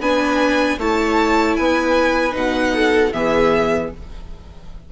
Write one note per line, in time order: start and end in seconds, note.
0.00 0.78 B3
0.00 0.79 D4
0.00 0.79 B4
0.00 0.79 G#5
0.79 1.56 A3
0.79 2.32 E4
0.79 1.58 C#5
0.79 1.56 A5
1.56 2.35 B3
1.56 2.74 B4
1.56 2.34 G#5
2.32 3.13 B2
2.32 3.10 D#4
2.32 3.13 F#5
2.74 3.13 A4
3.13 3.91 E3
3.13 3.93 B3
3.13 3.92 G#4
3.13 3.91 E5